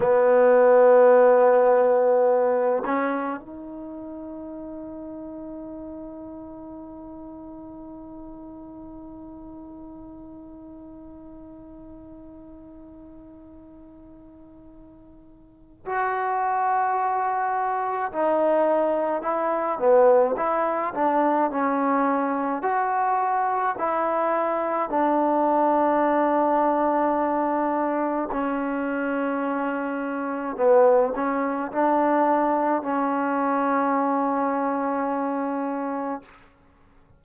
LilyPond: \new Staff \with { instrumentName = "trombone" } { \time 4/4 \tempo 4 = 53 b2~ b8 cis'8 dis'4~ | dis'1~ | dis'1~ | dis'2 fis'2 |
dis'4 e'8 b8 e'8 d'8 cis'4 | fis'4 e'4 d'2~ | d'4 cis'2 b8 cis'8 | d'4 cis'2. | }